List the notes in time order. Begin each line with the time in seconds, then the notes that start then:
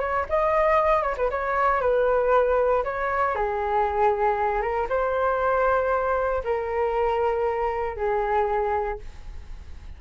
0.00 C#5
0.29 D#5
1.02 C#5
1.17 B4
1.31 C#5
1.81 B4
2.84 C#5
3.35 G#4
4.62 A#4
4.89 C5
6.44 A#4
7.97 G#4